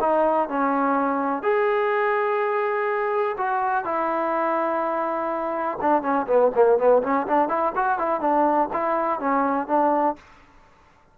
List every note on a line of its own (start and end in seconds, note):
0.00 0.48 D#4
0.48 1.42 C#4
1.42 3.36 G#4
3.37 3.84 F#4
3.84 5.78 E4
5.81 6.02 D4
6.02 6.26 C#4
6.27 6.51 B3
6.55 6.78 A#3
6.78 7.02 B3
7.02 7.26 C#4
7.27 7.48 D4
7.48 7.72 E4
7.75 7.98 F#4
7.98 8.20 E4
8.20 8.69 D4
8.73 9.20 E4
9.20 9.67 C#4
9.67 10.15 D4